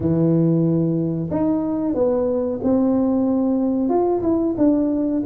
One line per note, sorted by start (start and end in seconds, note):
0.00 1.29 E3
1.30 1.94 D#4
1.94 2.59 B3
2.63 3.89 C4
3.89 4.22 F4
4.22 4.55 E4
4.57 5.23 D4